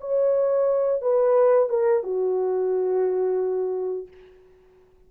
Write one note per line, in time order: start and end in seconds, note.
0.00 1.01 C#5
1.01 1.69 B4
1.69 2.03 A#4
2.03 4.07 F#4